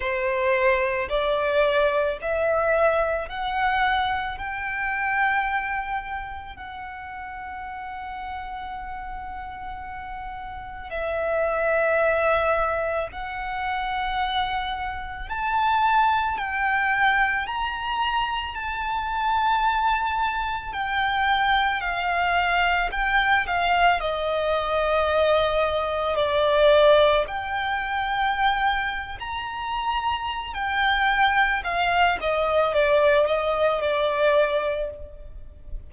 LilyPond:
\new Staff \with { instrumentName = "violin" } { \time 4/4 \tempo 4 = 55 c''4 d''4 e''4 fis''4 | g''2 fis''2~ | fis''2 e''2 | fis''2 a''4 g''4 |
ais''4 a''2 g''4 | f''4 g''8 f''8 dis''2 | d''4 g''4.~ g''16 ais''4~ ais''16 | g''4 f''8 dis''8 d''8 dis''8 d''4 | }